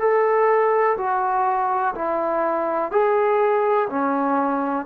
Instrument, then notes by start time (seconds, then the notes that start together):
trombone
0.00 A4
0.98 F#4
1.95 E4
2.91 G#4
3.90 C#4